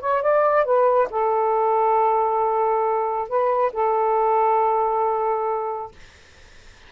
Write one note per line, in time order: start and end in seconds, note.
0.00 0.22 C#5
0.22 0.64 D5
0.64 1.08 B4
1.10 3.28 A4
3.28 3.72 B4
3.73 5.92 A4